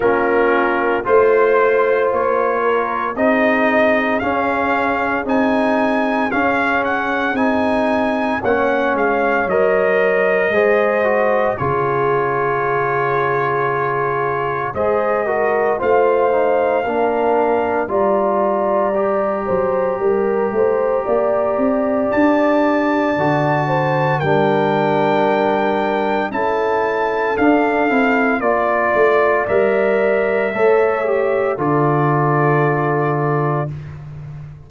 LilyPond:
<<
  \new Staff \with { instrumentName = "trumpet" } { \time 4/4 \tempo 4 = 57 ais'4 c''4 cis''4 dis''4 | f''4 gis''4 f''8 fis''8 gis''4 | fis''8 f''8 dis''2 cis''4~ | cis''2 dis''4 f''4~ |
f''4 ais''2.~ | ais''4 a''2 g''4~ | g''4 a''4 f''4 d''4 | e''2 d''2 | }
  \new Staff \with { instrumentName = "horn" } { \time 4/4 f'4 c''4. ais'8 gis'4~ | gis'1 | cis''2 c''4 gis'4~ | gis'2 c''8 ais'8 c''4 |
ais'4 d''4. c''8 ais'8 c''8 | d''2~ d''8 c''8 ais'4~ | ais'4 a'2 d''4~ | d''4 cis''4 a'2 | }
  \new Staff \with { instrumentName = "trombone" } { \time 4/4 cis'4 f'2 dis'4 | cis'4 dis'4 cis'4 dis'4 | cis'4 ais'4 gis'8 fis'8 f'4~ | f'2 gis'8 fis'8 f'8 dis'8 |
d'4 f'4 g'2~ | g'2 fis'4 d'4~ | d'4 e'4 d'8 e'8 f'4 | ais'4 a'8 g'8 f'2 | }
  \new Staff \with { instrumentName = "tuba" } { \time 4/4 ais4 a4 ais4 c'4 | cis'4 c'4 cis'4 c'4 | ais8 gis8 fis4 gis4 cis4~ | cis2 gis4 a4 |
ais4 g4. fis8 g8 a8 | ais8 c'8 d'4 d4 g4~ | g4 cis'4 d'8 c'8 ais8 a8 | g4 a4 d2 | }
>>